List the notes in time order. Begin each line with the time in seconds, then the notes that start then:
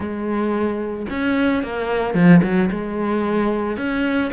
0.00 G#3
1.10 C#4
1.63 A#3
2.14 F3
2.43 F#3
2.71 G#3
3.77 C#4